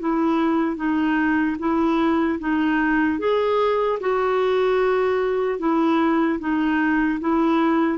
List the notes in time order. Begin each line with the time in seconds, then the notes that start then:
0.00 E4
0.77 D#4
1.59 E4
2.40 D#4
3.19 G#4
4.00 F#4
5.59 E4
6.40 D#4
7.20 E4